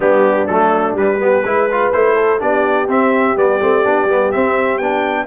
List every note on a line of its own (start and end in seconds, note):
0.00 0.48 G3
0.00 0.48 B3
0.00 1.19 D4
0.00 0.47 G4
0.47 0.93 F#3
0.47 0.97 A3
0.47 0.95 A4
0.93 1.41 G3
0.93 1.19 G3
0.93 1.92 B4
1.19 1.43 B3
1.19 1.43 G4
1.43 1.91 G#3
1.43 1.69 E4
1.43 2.15 B4
1.71 1.92 F4
1.92 2.41 A3
1.92 2.39 E4
1.92 2.40 C5
2.15 2.39 A4
2.39 2.88 B3
2.39 2.87 D4
2.39 5.26 G4
2.39 2.89 D5
2.88 3.35 C4
2.88 3.36 C4
2.88 3.37 E5
3.36 3.60 G3
3.36 3.60 B3
3.36 4.31 D5
3.60 3.85 A3
3.60 3.84 C4
3.84 4.05 B3
3.84 4.08 D4
4.05 4.29 G3
4.05 4.32 B3
4.31 4.81 C4
4.31 4.78 C4
4.31 4.78 E5
4.78 5.26 B3
4.78 5.26 D4
4.78 5.26 G5